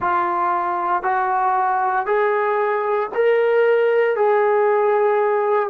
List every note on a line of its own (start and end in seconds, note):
0.00 1.03 F4
1.03 2.05 F#4
2.05 3.09 G#4
3.14 4.16 A#4
4.16 5.69 G#4